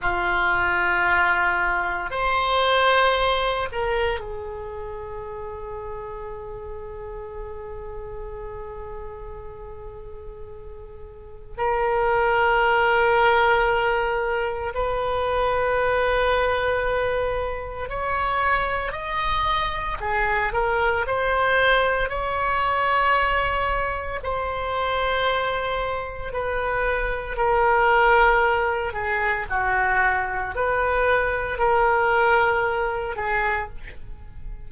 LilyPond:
\new Staff \with { instrumentName = "oboe" } { \time 4/4 \tempo 4 = 57 f'2 c''4. ais'8 | gis'1~ | gis'2. ais'4~ | ais'2 b'2~ |
b'4 cis''4 dis''4 gis'8 ais'8 | c''4 cis''2 c''4~ | c''4 b'4 ais'4. gis'8 | fis'4 b'4 ais'4. gis'8 | }